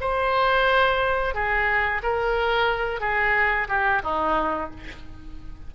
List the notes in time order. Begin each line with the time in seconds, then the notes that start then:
0.00 C5
1.34 G#4
2.03 A#4
3.00 G#4
3.68 G4
4.03 D#4